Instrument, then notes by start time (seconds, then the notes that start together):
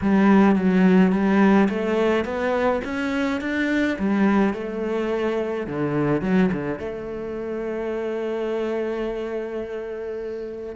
cello
0.01 G3
0.55 F#3
1.12 G3
1.69 A3
2.24 B3
2.84 C#4
3.40 D4
3.98 G3
4.53 A3
5.67 D3
6.21 F#3
6.52 D3
6.79 A3